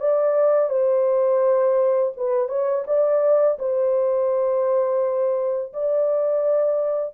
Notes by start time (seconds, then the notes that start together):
0.00 D5
0.70 C5
2.17 B4
2.48 C#5
2.87 D5
3.59 C5
5.73 D5